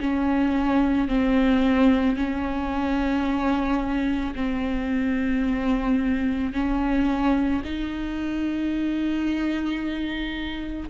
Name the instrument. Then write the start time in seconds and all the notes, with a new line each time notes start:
viola
0.00 C#4
1.08 C4
2.16 C#4
4.35 C4
6.53 C#4
7.64 D#4